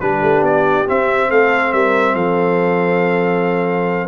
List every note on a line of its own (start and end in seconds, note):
0.00 0.22 G3
0.00 0.86 D4
0.00 1.29 G4
0.00 0.43 B4
0.22 0.41 A3
0.41 0.85 B3
0.41 0.88 D5
0.86 4.08 C4
0.86 1.31 C4
0.86 1.31 E5
1.29 1.73 A3
1.29 1.72 A4
1.29 1.72 F5
1.72 2.15 G3
1.72 2.14 A#4
1.72 2.15 E5
2.14 4.08 F3
2.14 4.08 A4
2.14 4.08 F5